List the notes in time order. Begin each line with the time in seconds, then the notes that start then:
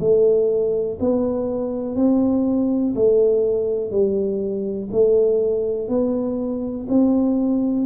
0.00 A3
1.00 B3
1.96 C4
2.96 A3
3.91 G3
4.92 A3
5.89 B3
6.89 C4